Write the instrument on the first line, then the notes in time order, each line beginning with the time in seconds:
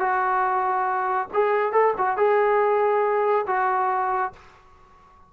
trombone
0.00 F#4
1.34 G#4
1.73 A4
1.98 F#4
2.17 G#4
3.47 F#4